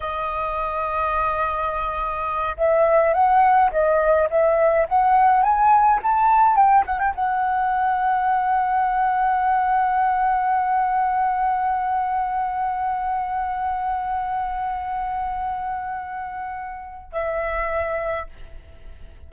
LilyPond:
\new Staff \with { instrumentName = "flute" } { \time 4/4 \tempo 4 = 105 dis''1~ | dis''8 e''4 fis''4 dis''4 e''8~ | e''8 fis''4 gis''4 a''4 g''8 | fis''16 g''16 fis''2.~ fis''8~ |
fis''1~ | fis''1~ | fis''1~ | fis''2 e''2 | }